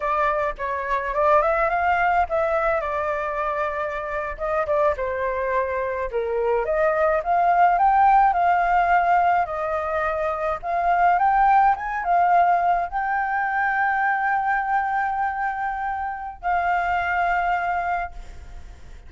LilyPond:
\new Staff \with { instrumentName = "flute" } { \time 4/4 \tempo 4 = 106 d''4 cis''4 d''8 e''8 f''4 | e''4 d''2~ d''8. dis''16~ | dis''16 d''8 c''2 ais'4 dis''16~ | dis''8. f''4 g''4 f''4~ f''16~ |
f''8. dis''2 f''4 g''16~ | g''8. gis''8 f''4. g''4~ g''16~ | g''1~ | g''4 f''2. | }